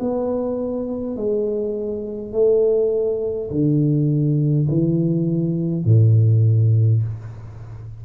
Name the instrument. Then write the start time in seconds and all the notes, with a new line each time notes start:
tuba
0.00 B3
1.17 G#3
2.33 A3
3.50 D3
4.69 E3
5.85 A2